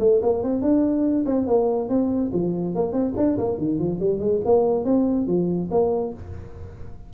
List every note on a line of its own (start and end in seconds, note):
0.00 0.21 A3
0.22 0.43 A#3
0.43 0.62 C4
0.62 1.25 D4
1.26 1.47 C4
1.47 1.89 A#3
1.89 2.31 C4
2.33 2.75 F3
2.75 2.93 A#3
2.93 3.14 C4
3.17 3.38 D4
3.38 3.58 A#3
3.58 3.79 D#3
3.79 4.00 F3
4.00 4.20 G3
4.20 4.41 G#3
4.45 4.85 A#3
4.85 5.27 C4
5.27 5.70 F3
5.71 6.14 A#3